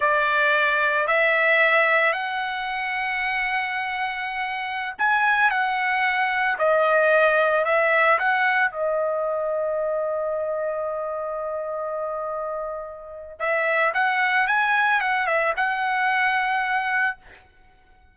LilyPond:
\new Staff \with { instrumentName = "trumpet" } { \time 4/4 \tempo 4 = 112 d''2 e''2 | fis''1~ | fis''4~ fis''16 gis''4 fis''4.~ fis''16~ | fis''16 dis''2 e''4 fis''8.~ |
fis''16 dis''2.~ dis''8.~ | dis''1~ | dis''4 e''4 fis''4 gis''4 | fis''8 e''8 fis''2. | }